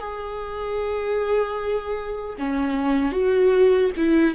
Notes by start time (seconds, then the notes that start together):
0.00 G#4
2.39 C#4
3.13 F#4
3.97 E4